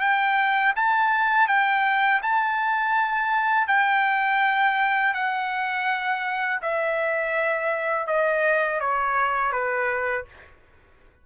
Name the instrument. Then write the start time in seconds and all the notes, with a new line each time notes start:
trumpet
0.00 G5
0.75 A5
1.48 G5
2.22 A5
3.68 G5
5.14 F#5
6.62 E5
8.07 D#5
8.80 C#5
9.52 B4